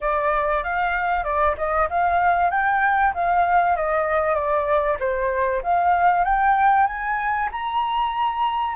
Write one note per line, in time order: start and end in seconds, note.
0.01 0.63 D5
0.63 1.23 F5
1.23 1.55 D5
1.57 1.89 D#5
1.89 2.50 F5
2.50 3.12 G5
3.13 3.76 F5
3.76 4.34 D#5
4.34 4.97 D5
4.99 5.62 C5
5.62 6.24 F5
6.24 6.86 G5
6.86 7.49 G#5
7.51 8.75 A#5